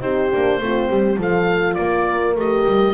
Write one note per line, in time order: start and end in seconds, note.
0.00 0.30 C4
0.00 0.29 D#4
0.00 0.60 G4
0.00 1.19 C5
0.31 0.60 A#3
0.31 0.61 D4
0.60 0.89 A3
0.60 1.18 C4
0.60 0.90 F4
0.90 1.17 G3
0.90 1.19 G4
1.17 1.76 F3
1.17 2.36 F4
1.17 1.78 A4
1.17 1.75 F5
1.75 2.36 A#3
1.75 2.94 A#4
1.75 2.33 D5
2.36 2.65 A3
2.36 2.94 G4
2.36 2.94 D#5
2.66 2.94 G3